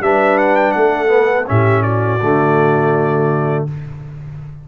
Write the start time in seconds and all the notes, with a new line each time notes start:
0.00 G3 D4 B4 E5
0.38 F#5
0.56 G5
0.72 A3 A4 F#5
1.08 B3
1.47 A2 C#4 G4 E5
1.83 F#4 D5
2.21 D3 A3